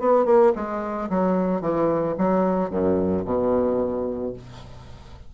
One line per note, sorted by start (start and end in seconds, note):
0.00 0.26 B3
0.26 0.53 A#3
0.56 1.10 G#3
1.10 1.62 F#3
1.62 2.16 E3
2.18 2.71 F#3
2.71 3.25 F#2
3.25 4.33 B2